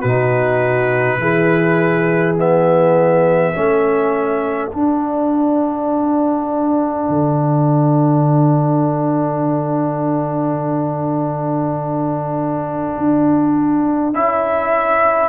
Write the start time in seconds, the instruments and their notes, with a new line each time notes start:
0.00 tuba B2, trombone D#4, horn F#4, trumpet B4
1.18 tuba E3, trombone E4, horn G#4
2.37 trombone B3, trumpet E5
3.54 tuba A3, trombone C#4, horn A4
4.70 trombone D4, tuba D4, trumpet F#5
7.09 tuba D3
12.98 tuba D4
14.13 tuba C#4, trombone E4, trumpet E5